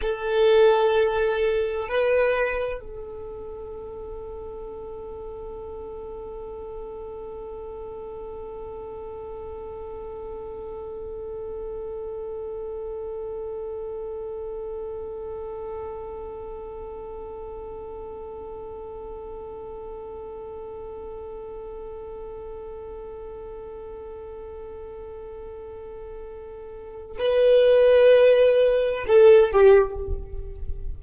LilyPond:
\new Staff \with { instrumentName = "violin" } { \time 4/4 \tempo 4 = 64 a'2 b'4 a'4~ | a'1~ | a'1~ | a'1~ |
a'1~ | a'1~ | a'1~ | a'4 b'2 a'8 g'8 | }